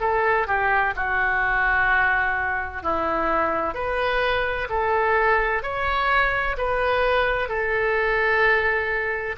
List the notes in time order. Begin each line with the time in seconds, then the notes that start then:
0.00 A4
0.47 G4
0.96 F#4
2.83 E4
3.74 B4
4.69 A4
5.62 C#5
6.58 B4
7.48 A4